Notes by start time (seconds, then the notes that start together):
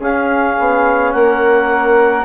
0.00 C#4 G#4 F5
0.59 B3
1.12 A#3 A#4 F#5